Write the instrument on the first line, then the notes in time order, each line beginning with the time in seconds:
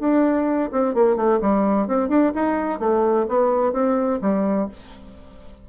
bassoon
0.00 D4
0.72 C4
0.95 A#3
1.17 A3
1.41 G3
1.88 C4
2.09 D4
2.35 D#4
2.80 A3
3.29 B3
3.73 C4
4.22 G3